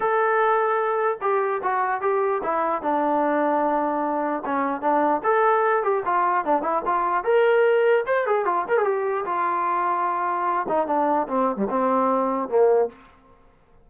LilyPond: \new Staff \with { instrumentName = "trombone" } { \time 4/4 \tempo 4 = 149 a'2. g'4 | fis'4 g'4 e'4 d'4~ | d'2. cis'4 | d'4 a'4. g'8 f'4 |
d'8 e'8 f'4 ais'2 | c''8 gis'8 f'8 ais'16 gis'16 g'4 f'4~ | f'2~ f'8 dis'8 d'4 | c'8. g16 c'2 ais4 | }